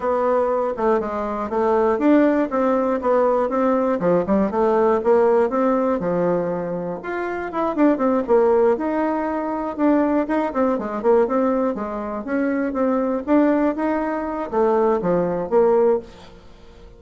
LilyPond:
\new Staff \with { instrumentName = "bassoon" } { \time 4/4 \tempo 4 = 120 b4. a8 gis4 a4 | d'4 c'4 b4 c'4 | f8 g8 a4 ais4 c'4 | f2 f'4 e'8 d'8 |
c'8 ais4 dis'2 d'8~ | d'8 dis'8 c'8 gis8 ais8 c'4 gis8~ | gis8 cis'4 c'4 d'4 dis'8~ | dis'4 a4 f4 ais4 | }